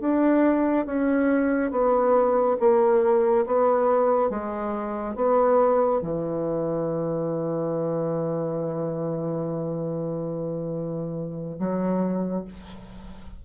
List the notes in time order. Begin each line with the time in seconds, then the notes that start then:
0.00 D4
0.85 C#4
1.71 B3
2.59 A#3
3.46 B3
4.30 G#3
5.15 B3
6.01 E3
11.59 F#3